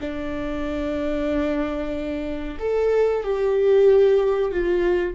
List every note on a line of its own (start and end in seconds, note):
0.00 2.58 D4
2.59 3.23 A4
3.23 4.51 G4
4.51 5.14 F4